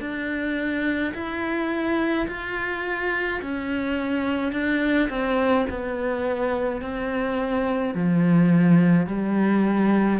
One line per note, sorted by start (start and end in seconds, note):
0.00 1.13 D4
1.14 2.27 E4
2.28 3.41 F4
3.42 4.52 C#4
4.52 5.09 D4
5.09 5.66 C4
5.70 6.81 B3
6.81 7.95 C4
7.95 9.07 F3
9.07 10.20 G3